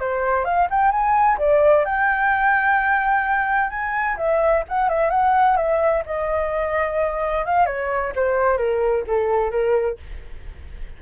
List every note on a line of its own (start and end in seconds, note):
0.00 0.45 C5
0.45 0.68 F5
0.70 0.92 G5
0.92 1.38 G#5
1.38 1.85 D5
1.85 3.70 G5
3.70 4.17 G#5
4.17 4.64 E5
4.69 4.89 F#5
4.89 5.11 E5
5.11 5.57 F#5
5.57 6.03 E5
6.06 7.45 D#5
7.45 7.66 F5
7.66 8.13 C#5
8.16 8.58 C5
8.58 9.04 A#4
9.07 9.51 A4
9.51 9.98 A#4